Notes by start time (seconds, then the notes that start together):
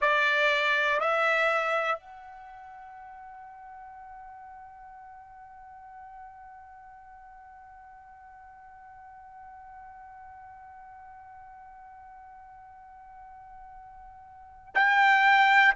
0.01 D5
1.00 E5
1.99 F#5
14.75 G5